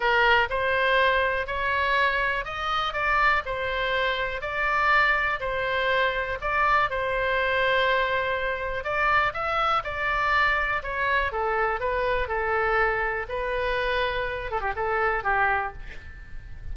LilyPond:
\new Staff \with { instrumentName = "oboe" } { \time 4/4 \tempo 4 = 122 ais'4 c''2 cis''4~ | cis''4 dis''4 d''4 c''4~ | c''4 d''2 c''4~ | c''4 d''4 c''2~ |
c''2 d''4 e''4 | d''2 cis''4 a'4 | b'4 a'2 b'4~ | b'4. a'16 g'16 a'4 g'4 | }